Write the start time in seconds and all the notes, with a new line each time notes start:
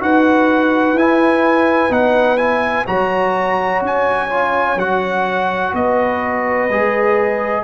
0.00 D#4 F#4 B4 F#5
0.93 E4 G#5
1.90 B3 D#4 F#5
2.38 E4 G#5
2.87 F#3 F#4 C#5 A#5
3.82 C#4 G#5
4.30 F4
4.76 F#3 F#4 F#5
5.74 B3 B4 D#5
6.69 G#3 G#4